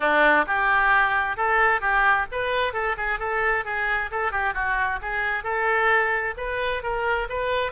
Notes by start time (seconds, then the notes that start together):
0.00 D4
0.47 G4
1.37 A4
1.80 G4
2.31 B4
2.73 A4
2.97 G#4
3.19 A4
3.64 G#4
4.11 A4
4.31 G4
4.54 F#4
5.01 G#4
5.43 A4
6.37 B4
6.82 A#4
7.29 B4